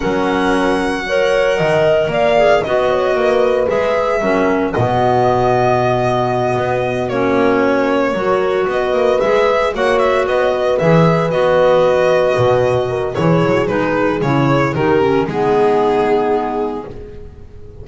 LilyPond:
<<
  \new Staff \with { instrumentName = "violin" } { \time 4/4 \tempo 4 = 114 fis''1 | f''4 dis''2 e''4~ | e''4 dis''2.~ | dis''4. cis''2~ cis''8~ |
cis''8 dis''4 e''4 fis''8 e''8 dis''8~ | dis''8 e''4 dis''2~ dis''8~ | dis''4 cis''4 b'4 cis''4 | ais'4 gis'2. | }
  \new Staff \with { instrumentName = "horn" } { \time 4/4 ais'2 cis''4 dis''4 | d''4 dis''8 cis''8 b'2 | ais'4 fis'2.~ | fis'2.~ fis'8 ais'8~ |
ais'8 b'2 cis''4 b'16 cis''16 | b'1~ | b'8 ais'8 gis'2. | g'4 dis'2. | }
  \new Staff \with { instrumentName = "clarinet" } { \time 4/4 cis'2 ais'2~ | ais'8 gis'8 fis'2 gis'4 | cis'4 b2.~ | b4. cis'2 fis'8~ |
fis'4. gis'4 fis'4.~ | fis'8 gis'4 fis'2~ fis'8~ | fis'4 e'4 dis'4 e'4 | dis'8 cis'8 b2. | }
  \new Staff \with { instrumentName = "double bass" } { \time 4/4 fis2. dis4 | ais4 b4 ais4 gis4 | fis4 b,2.~ | b,8 b4 ais2 fis8~ |
fis8 b8 ais8 gis4 ais4 b8~ | b8 e4 b2 b,8~ | b,4 e8 fis8 gis4 cis4 | dis4 gis2. | }
>>